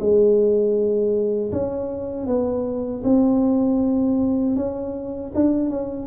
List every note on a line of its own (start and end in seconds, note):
0.00 1.52 G#3
1.52 2.27 C#4
2.27 3.03 B3
3.04 4.56 C4
4.56 5.32 C#4
5.35 5.70 D4
5.70 6.07 C#4